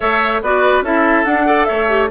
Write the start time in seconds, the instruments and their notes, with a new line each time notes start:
0.00 bassoon A3, clarinet A4, oboe C#5, flute E5
0.42 bassoon B3, clarinet F#4, oboe B4, flute D5
0.81 bassoon C#4, clarinet E4, oboe A4, flute E5
1.24 clarinet D4, bassoon D4, flute F#5
1.46 clarinet A4, oboe D5
1.64 bassoon A3, oboe C#5, flute E5
1.88 clarinet G4